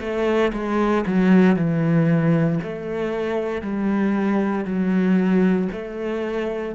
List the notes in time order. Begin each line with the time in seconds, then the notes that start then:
0.00 A3
0.53 G#3
1.06 F#3
1.56 E3
2.63 A3
3.62 G3
4.65 F#3
5.72 A3